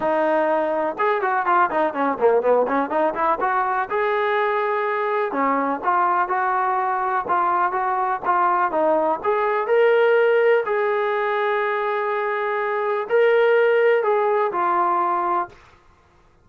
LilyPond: \new Staff \with { instrumentName = "trombone" } { \time 4/4 \tempo 4 = 124 dis'2 gis'8 fis'8 f'8 dis'8 | cis'8 ais8 b8 cis'8 dis'8 e'8 fis'4 | gis'2. cis'4 | f'4 fis'2 f'4 |
fis'4 f'4 dis'4 gis'4 | ais'2 gis'2~ | gis'2. ais'4~ | ais'4 gis'4 f'2 | }